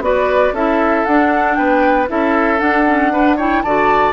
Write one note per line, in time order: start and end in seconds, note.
0.00 0.52 B3
0.00 0.54 F#4
0.00 0.54 B4
0.00 0.55 D5
0.52 1.04 C#4
0.52 1.07 E4
0.52 1.57 A4
0.52 1.05 E5
1.05 1.58 D4
1.05 2.07 D4
1.05 1.55 F#5
1.55 2.10 B3
1.55 2.09 B4
1.55 2.06 G5
2.07 2.61 C#4
2.07 2.58 E4
2.07 3.12 A4
2.07 2.59 E5
2.58 2.84 D4
2.58 3.64 D4
2.58 3.37 F#5
2.86 3.12 C#4
3.12 3.38 D4
3.12 3.37 B4
3.37 3.64 E4
3.37 3.62 C#5
3.37 3.62 G5
3.62 4.13 D3
3.62 4.13 F#4
3.62 4.13 D5
3.62 4.13 A5